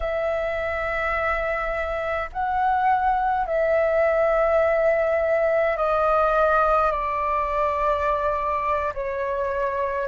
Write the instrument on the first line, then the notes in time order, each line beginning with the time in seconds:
flute
0.00 E5
2.32 F#5
3.46 E5
5.76 D#5
6.91 D5
8.94 C#5